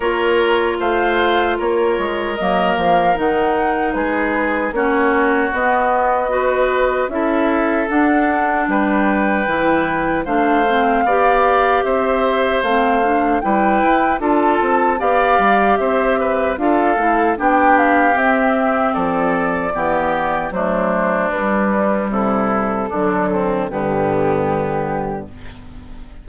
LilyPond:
<<
  \new Staff \with { instrumentName = "flute" } { \time 4/4 \tempo 4 = 76 cis''4 f''4 cis''4 dis''8 f''8 | fis''4 b'4 cis''4 dis''4~ | dis''4 e''4 fis''4 g''4~ | g''4 f''2 e''4 |
f''4 g''4 a''4 f''4 | e''4 f''4 g''8 f''8 e''4 | d''2 c''4 b'4 | a'2 g'2 | }
  \new Staff \with { instrumentName = "oboe" } { \time 4/4 ais'4 c''4 ais'2~ | ais'4 gis'4 fis'2 | b'4 a'2 b'4~ | b'4 c''4 d''4 c''4~ |
c''4 b'4 a'4 d''4 | c''8 b'8 a'4 g'2 | a'4 g'4 d'2 | e'4 d'8 c'8 b2 | }
  \new Staff \with { instrumentName = "clarinet" } { \time 4/4 f'2. ais4 | dis'2 cis'4 b4 | fis'4 e'4 d'2 | e'4 d'8 c'8 g'2 |
c'8 d'8 e'4 f'4 g'4~ | g'4 f'8 e'8 d'4 c'4~ | c'4 b4 a4 g4~ | g4 fis4 d2 | }
  \new Staff \with { instrumentName = "bassoon" } { \time 4/4 ais4 a4 ais8 gis8 fis8 f8 | dis4 gis4 ais4 b4~ | b4 cis'4 d'4 g4 | e4 a4 b4 c'4 |
a4 g8 e'8 d'8 c'8 b8 g8 | c'4 d'8 a8 b4 c'4 | f4 e4 fis4 g4 | c4 d4 g,2 | }
>>